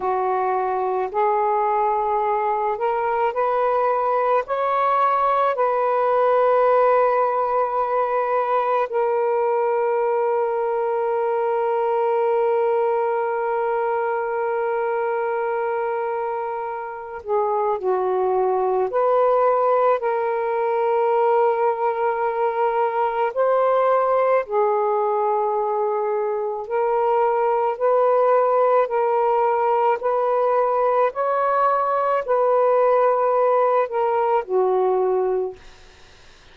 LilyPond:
\new Staff \with { instrumentName = "saxophone" } { \time 4/4 \tempo 4 = 54 fis'4 gis'4. ais'8 b'4 | cis''4 b'2. | ais'1~ | ais'2.~ ais'8 gis'8 |
fis'4 b'4 ais'2~ | ais'4 c''4 gis'2 | ais'4 b'4 ais'4 b'4 | cis''4 b'4. ais'8 fis'4 | }